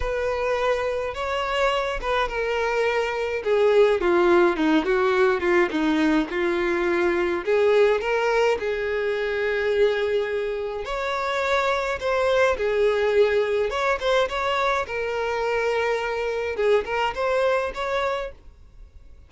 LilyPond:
\new Staff \with { instrumentName = "violin" } { \time 4/4 \tempo 4 = 105 b'2 cis''4. b'8 | ais'2 gis'4 f'4 | dis'8 fis'4 f'8 dis'4 f'4~ | f'4 gis'4 ais'4 gis'4~ |
gis'2. cis''4~ | cis''4 c''4 gis'2 | cis''8 c''8 cis''4 ais'2~ | ais'4 gis'8 ais'8 c''4 cis''4 | }